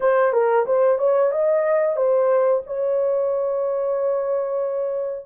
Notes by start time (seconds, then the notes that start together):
0.00 C5
0.32 A#4
0.66 C5
0.98 C#5
1.31 D#5
1.96 C5
2.66 C#5